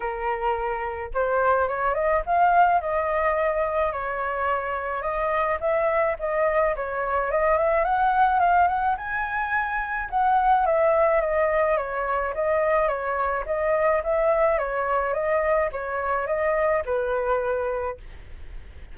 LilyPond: \new Staff \with { instrumentName = "flute" } { \time 4/4 \tempo 4 = 107 ais'2 c''4 cis''8 dis''8 | f''4 dis''2 cis''4~ | cis''4 dis''4 e''4 dis''4 | cis''4 dis''8 e''8 fis''4 f''8 fis''8 |
gis''2 fis''4 e''4 | dis''4 cis''4 dis''4 cis''4 | dis''4 e''4 cis''4 dis''4 | cis''4 dis''4 b'2 | }